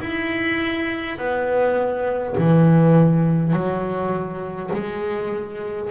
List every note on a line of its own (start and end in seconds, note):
0.00 1.18 E4
1.18 2.35 B3
2.37 3.52 E3
3.52 4.70 F#3
4.73 5.90 G#3